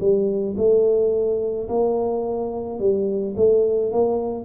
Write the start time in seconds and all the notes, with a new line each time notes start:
0.00 G3
0.57 A3
1.68 A#3
2.79 G3
3.36 A3
3.92 A#3